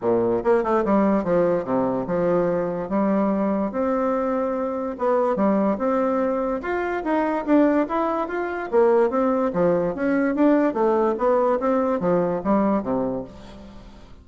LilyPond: \new Staff \with { instrumentName = "bassoon" } { \time 4/4 \tempo 4 = 145 ais,4 ais8 a8 g4 f4 | c4 f2 g4~ | g4 c'2. | b4 g4 c'2 |
f'4 dis'4 d'4 e'4 | f'4 ais4 c'4 f4 | cis'4 d'4 a4 b4 | c'4 f4 g4 c4 | }